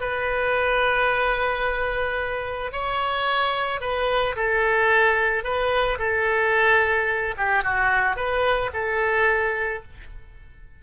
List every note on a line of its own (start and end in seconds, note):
0.00 2.72 B4
2.72 3.81 C#5
3.81 4.35 B4
4.35 5.43 A4
5.43 5.98 B4
5.98 7.35 A4
7.37 7.63 G4
7.63 8.16 F#4
8.16 8.70 B4
8.73 9.82 A4